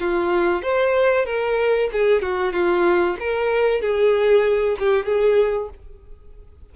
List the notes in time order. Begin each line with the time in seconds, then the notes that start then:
0.00 F4
0.63 C5
1.26 A#4
1.93 G#4
2.22 F#4
2.53 F4
3.20 A#4
3.81 G#4
4.79 G4
5.06 G#4